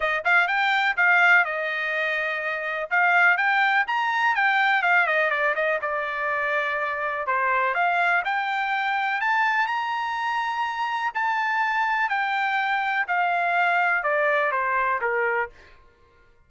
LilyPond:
\new Staff \with { instrumentName = "trumpet" } { \time 4/4 \tempo 4 = 124 dis''8 f''8 g''4 f''4 dis''4~ | dis''2 f''4 g''4 | ais''4 g''4 f''8 dis''8 d''8 dis''8 | d''2. c''4 |
f''4 g''2 a''4 | ais''2. a''4~ | a''4 g''2 f''4~ | f''4 d''4 c''4 ais'4 | }